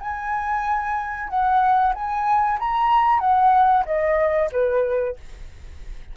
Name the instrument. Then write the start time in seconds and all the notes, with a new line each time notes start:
flute
0.00 G#5
1.28 F#5
1.94 G#5
2.59 A#5
3.19 F#5
3.85 D#5
4.51 B4